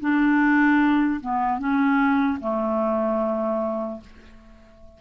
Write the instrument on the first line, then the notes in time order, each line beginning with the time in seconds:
clarinet
0.00 D4
1.20 B3
1.59 C#4
2.40 A3